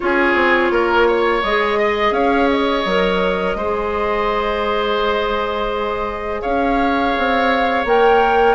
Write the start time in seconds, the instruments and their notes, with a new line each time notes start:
0.00 bassoon C#4, clarinet F4, oboe G#4, flute C#5
0.34 bassoon C4
0.71 bassoon A#3, oboe A#4
1.07 oboe C#5
1.43 bassoon G#3, clarinet G#4, flute D#5
1.78 oboe D#5
2.11 bassoon C#4, oboe C#5, flute F5
2.49 flute D#5
2.85 bassoon F#3, clarinet A#4
3.55 bassoon G#3, clarinet G#4, oboe C5
6.41 bassoon C#4, oboe C#5, flute F5
7.17 bassoon C4
7.84 bassoon A#3, clarinet A#4, flute G5